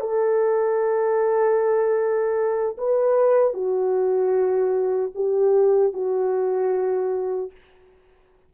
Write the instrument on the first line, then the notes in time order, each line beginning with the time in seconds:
horn
0.00 A4
2.77 B4
3.53 F#4
5.14 G4
5.93 F#4